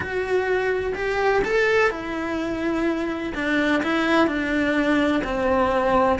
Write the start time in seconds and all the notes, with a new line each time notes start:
0.00 F#4
0.94 G4
1.44 A4
1.90 E4
3.34 D4
3.83 E4
4.27 D4
5.23 C4